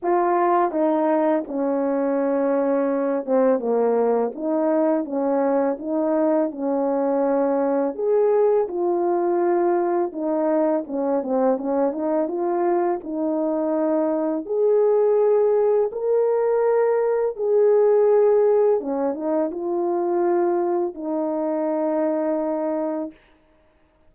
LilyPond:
\new Staff \with { instrumentName = "horn" } { \time 4/4 \tempo 4 = 83 f'4 dis'4 cis'2~ | cis'8 c'8 ais4 dis'4 cis'4 | dis'4 cis'2 gis'4 | f'2 dis'4 cis'8 c'8 |
cis'8 dis'8 f'4 dis'2 | gis'2 ais'2 | gis'2 cis'8 dis'8 f'4~ | f'4 dis'2. | }